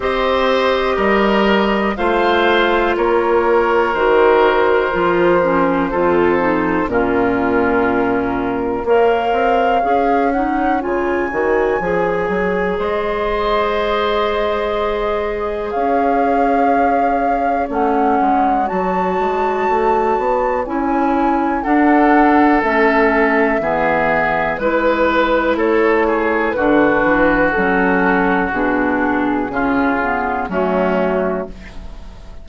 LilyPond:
<<
  \new Staff \with { instrumentName = "flute" } { \time 4/4 \tempo 4 = 61 dis''2 f''4 cis''4 | c''2. ais'4~ | ais'4 f''4. fis''8 gis''4~ | gis''4 dis''2. |
f''2 fis''4 a''4~ | a''4 gis''4 fis''4 e''4~ | e''4 b'4 cis''4 b'4 | a'4 gis'2 fis'4 | }
  \new Staff \with { instrumentName = "oboe" } { \time 4/4 c''4 ais'4 c''4 ais'4~ | ais'2 a'4 f'4~ | f'4 cis''2.~ | cis''4 c''2. |
cis''1~ | cis''2 a'2 | gis'4 b'4 a'8 gis'8 fis'4~ | fis'2 f'4 cis'4 | }
  \new Staff \with { instrumentName = "clarinet" } { \time 4/4 g'2 f'2 | fis'4 f'8 cis'8 f'8 dis'8 cis'4~ | cis'4 ais'4 gis'8 dis'8 f'8 fis'8 | gis'1~ |
gis'2 cis'4 fis'4~ | fis'4 e'4 d'4 cis'4 | b4 e'2 d'4 | cis'4 d'4 cis'8 b8 a4 | }
  \new Staff \with { instrumentName = "bassoon" } { \time 4/4 c'4 g4 a4 ais4 | dis4 f4 f,4 ais,4~ | ais,4 ais8 c'8 cis'4 cis8 dis8 | f8 fis8 gis2. |
cis'2 a8 gis8 fis8 gis8 | a8 b8 cis'4 d'4 a4 | e4 gis4 a4 d8 e8 | fis4 b,4 cis4 fis4 | }
>>